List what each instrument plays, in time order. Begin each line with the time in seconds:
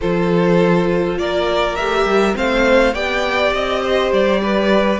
0.00 cello F3, viola F4, violin A4 C5
1.18 cello A#3, violin A#4 D5
1.75 cello A3, viola G4, violin E5
2.05 cello G3
2.34 cello A3, viola C4, violin C5 F5
2.93 cello B3, viola G4, violin D5 G5
3.52 cello C4, violin D#5
3.82 violin C5
4.12 cello G3, violin D5
4.43 violin B4